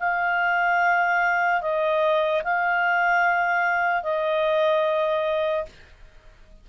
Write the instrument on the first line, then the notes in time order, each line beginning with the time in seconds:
clarinet
0.00 F5
1.61 D#5
2.44 F5
4.03 D#5